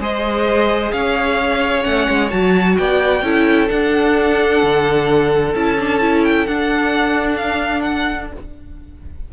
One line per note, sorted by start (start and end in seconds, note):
0.00 0.92 G#3
0.00 1.83 G#4
0.00 0.93 C5
0.00 0.92 D#5
0.92 1.85 C#4
0.92 2.78 C#5
0.92 1.84 F5
1.83 2.08 A3
1.83 2.29 C#4
1.83 2.30 F#5
2.09 2.32 G#3
2.30 2.79 F#3
2.30 3.23 F#4
2.30 2.77 A5
2.77 3.22 B3
2.77 3.24 D5
2.77 3.69 G5
3.22 3.68 C#4
3.22 3.68 E4
3.22 8.32 A4
3.68 5.53 D4
3.68 4.63 D4
3.68 5.54 F#5
4.63 5.55 D3
5.55 6.47 C#4
5.55 5.78 E4
5.55 6.24 A5
5.79 6.01 D4
6.01 6.47 E4
6.24 6.47 G5
6.47 8.32 D4
6.47 8.33 D4
6.47 7.37 F#5
7.37 7.83 F5
7.83 8.29 F#5